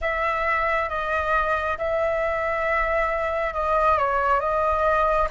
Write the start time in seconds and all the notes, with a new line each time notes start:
0.01 E5
0.89 D#5
1.78 E5
3.53 D#5
3.97 C#5
4.40 D#5